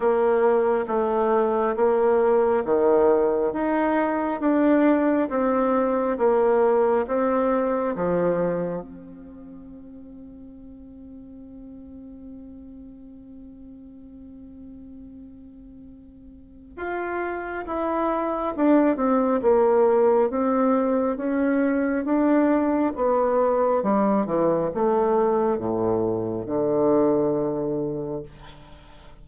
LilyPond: \new Staff \with { instrumentName = "bassoon" } { \time 4/4 \tempo 4 = 68 ais4 a4 ais4 dis4 | dis'4 d'4 c'4 ais4 | c'4 f4 c'2~ | c'1~ |
c'2. f'4 | e'4 d'8 c'8 ais4 c'4 | cis'4 d'4 b4 g8 e8 | a4 a,4 d2 | }